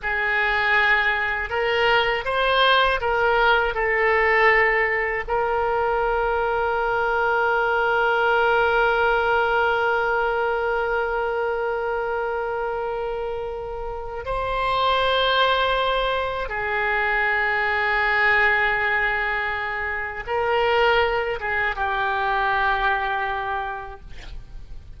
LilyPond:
\new Staff \with { instrumentName = "oboe" } { \time 4/4 \tempo 4 = 80 gis'2 ais'4 c''4 | ais'4 a'2 ais'4~ | ais'1~ | ais'1~ |
ais'2. c''4~ | c''2 gis'2~ | gis'2. ais'4~ | ais'8 gis'8 g'2. | }